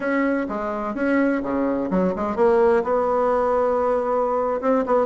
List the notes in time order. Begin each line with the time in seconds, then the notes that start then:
0.00 C#4
0.49 G#3
0.94 C#4
1.42 C#3
1.90 F#3
2.15 G#3
2.36 A#3
2.83 B3
4.61 C4
4.86 B3